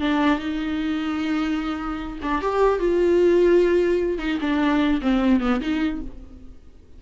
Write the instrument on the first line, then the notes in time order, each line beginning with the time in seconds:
viola
0.00 D4
0.39 D#4
2.22 D4
2.41 G4
2.79 F4
4.18 D#4
4.40 D4
5.01 C4
5.40 B3
5.60 D#4